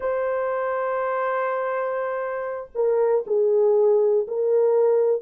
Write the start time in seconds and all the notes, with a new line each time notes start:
0.00 C5
2.75 A#4
3.26 G#4
4.27 A#4